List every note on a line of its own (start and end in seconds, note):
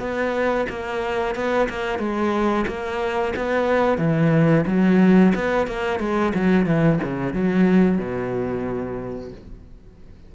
0.00 0.67 B3
0.69 1.35 A#3
1.35 1.69 B3
1.69 1.99 A#3
1.99 2.65 G#3
2.67 3.34 A#3
3.36 3.98 B3
3.98 4.65 E3
4.67 5.33 F#3
5.35 5.68 B3
5.68 6.00 A#3
6.00 6.33 G#3
6.35 6.66 F#3
6.66 6.99 E3
7.03 7.34 C#3
7.34 7.98 F#3
7.98 9.32 B2